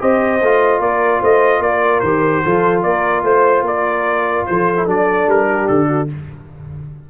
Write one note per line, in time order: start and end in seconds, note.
0.00 0.42 C4
0.00 0.41 G4
0.00 0.81 C5
0.00 0.82 D#5
0.42 0.80 A3
0.42 2.05 F4
0.80 1.21 A#3
0.80 1.20 A#4
0.80 1.22 D5
1.20 1.60 A3
1.20 1.61 C5
1.20 1.63 D#5
1.60 2.01 A#3
1.60 2.45 A#4
1.60 2.01 D5
2.01 2.44 D#3
2.01 2.46 G4
2.01 2.82 C5
2.45 2.85 F3
2.45 4.77 F4
2.45 2.85 A4
2.83 3.23 A#3
2.83 3.25 A#4
2.83 3.24 D5
3.23 3.63 A3
3.23 3.66 C5
3.63 4.44 A#3
3.63 4.48 A#4
3.63 4.46 D5
4.46 4.88 F3
4.46 5.48 A4
4.46 4.87 C5
4.77 4.87 E4
4.87 5.27 F#3
4.87 6.08 D4
4.87 5.30 D5
5.27 5.68 G3
5.27 5.68 A#4
5.48 5.88 G4
5.68 6.10 D3
5.68 6.09 A4
5.88 6.08 F#4